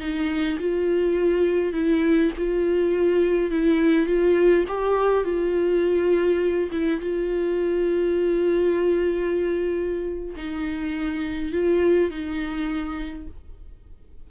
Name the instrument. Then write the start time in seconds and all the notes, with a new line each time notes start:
viola
0.00 D#4
0.59 F4
1.73 E4
2.38 F4
3.51 E4
4.07 F4
4.68 G4
5.24 F4
6.72 E4
7.00 F4
10.36 D#4
11.52 F4
12.10 D#4